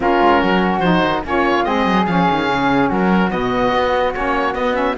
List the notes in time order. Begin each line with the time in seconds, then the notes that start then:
0.00 A#3 C#4 F4 A#4
0.20 G#3
0.40 F#3 F#4
0.79 F3 D#4 C5
1.03 D#3
1.24 A#3 C#4 F4 C#5
1.63 G#3 C4 G#4 D#5
1.86 F#3
2.06 F3 C#4 F5
2.30 D#3
2.49 C#3
2.89 F#3 F#4 A#4
3.29 B2 B3 D#5
3.73 B3
4.13 A#3 C#4 C#5
4.54 B3 D#5
4.73 C#4 E5